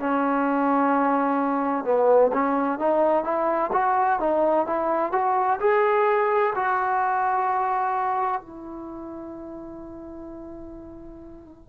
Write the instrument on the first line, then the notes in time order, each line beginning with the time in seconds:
trombone
0.00 C#4
1.85 B3
2.33 C#4
2.79 D#4
3.24 E4
3.73 F#4
4.20 D#4
4.67 E4
5.12 F#4
5.60 G#4
6.55 F#4
8.41 E4